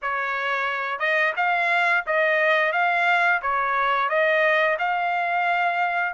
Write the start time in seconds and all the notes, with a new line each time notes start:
0.02 C#5
0.99 D#5
1.36 F5
2.06 D#5
2.72 F5
3.42 C#5
4.09 D#5
4.79 F5